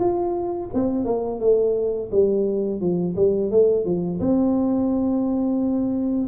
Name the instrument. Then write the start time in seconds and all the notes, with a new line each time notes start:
tuba
0.00 F4
0.74 C4
1.05 A#3
1.40 A3
2.12 G3
2.81 F3
3.16 G3
3.51 A3
3.85 F3
4.21 C4